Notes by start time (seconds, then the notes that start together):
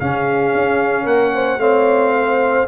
0.00 C#3 C#4 G#4 F5
0.55 C#4
1.04 A#3 A#4 F#5
1.35 C5
1.58 A3 C4 C#5 F5
2.17 C5